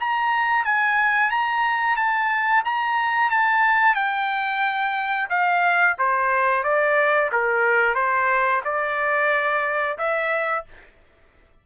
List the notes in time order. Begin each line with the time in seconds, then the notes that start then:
0.00 A#5
0.65 G#5
1.30 A#5
1.96 A5
2.65 A#5
3.30 A5
3.95 G5
5.30 F5
5.98 C5
6.63 D5
7.32 A#4
7.95 C5
8.64 D5
9.98 E5